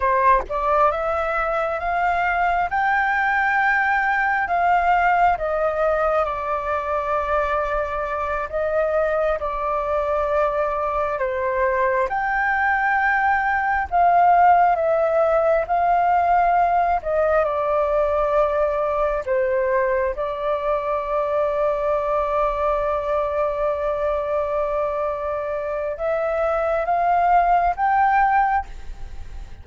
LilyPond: \new Staff \with { instrumentName = "flute" } { \time 4/4 \tempo 4 = 67 c''8 d''8 e''4 f''4 g''4~ | g''4 f''4 dis''4 d''4~ | d''4. dis''4 d''4.~ | d''8 c''4 g''2 f''8~ |
f''8 e''4 f''4. dis''8 d''8~ | d''4. c''4 d''4.~ | d''1~ | d''4 e''4 f''4 g''4 | }